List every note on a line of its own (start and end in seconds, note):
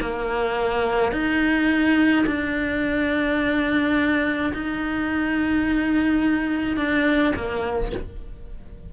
0.00 1.12 A#3
1.12 2.25 D#4
2.26 4.53 D4
4.53 6.76 D#4
6.76 7.33 D4
7.35 7.92 A#3